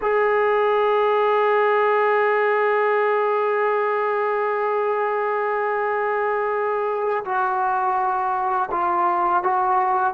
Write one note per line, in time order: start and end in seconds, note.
0.01 7.24 G#4
7.25 8.69 F#4
8.71 9.43 F4
9.43 10.13 F#4